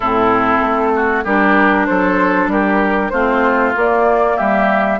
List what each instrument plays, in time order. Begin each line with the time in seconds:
0.00 bassoon A2, clarinet C4, oboe E4, flute A4
0.61 bassoon A3
0.95 oboe F#4
1.23 bassoon G3, clarinet D4, oboe G4, flute A#4
1.86 bassoon F#3, oboe A4, flute C5
2.47 bassoon G3, oboe G4, flute A#4
3.09 bassoon A3, clarinet C4, oboe F4, flute C5
3.75 bassoon A#3, clarinet A#3, flute D5
4.36 bassoon G3, oboe G4, flute E5